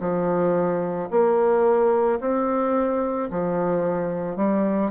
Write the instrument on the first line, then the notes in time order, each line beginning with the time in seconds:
bassoon
0.00 F3
1.11 A#3
2.20 C4
3.31 F3
4.36 G3